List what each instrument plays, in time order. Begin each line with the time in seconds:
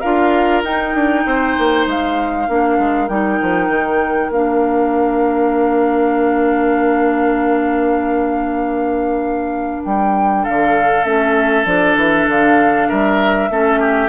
0.00 bassoon D4, clarinet F4, oboe A#4, flute F5
0.64 bassoon D#4, clarinet D#4, flute G5
0.94 bassoon D4
1.26 bassoon C4, oboe C5
1.58 bassoon A#3
1.86 bassoon G#3, flute F5
2.48 bassoon A#3, clarinet D4, oboe A#4
2.78 bassoon G#3
3.08 bassoon G3, clarinet D#4, flute G5
3.42 bassoon F3
3.69 bassoon D#3
4.29 bassoon A#3, clarinet D4, flute F5
9.84 bassoon G3, flute G5
10.43 bassoon D3, oboe A4, flute F5
11.04 bassoon A3, clarinet C#4, flute E5
11.65 bassoon F3, clarinet D4, flute D5
11.95 bassoon E3, flute E5
12.28 bassoon D3, flute F5
12.88 bassoon G3, oboe A#4, flute E5
13.50 bassoon A3, clarinet C#4, oboe A4
13.80 oboe G4